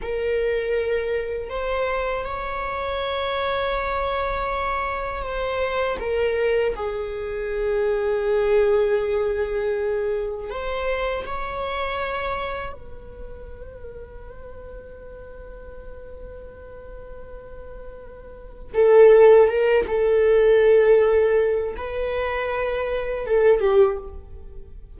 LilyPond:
\new Staff \with { instrumentName = "viola" } { \time 4/4 \tempo 4 = 80 ais'2 c''4 cis''4~ | cis''2. c''4 | ais'4 gis'2.~ | gis'2 c''4 cis''4~ |
cis''4 b'2.~ | b'1~ | b'4 a'4 ais'8 a'4.~ | a'4 b'2 a'8 g'8 | }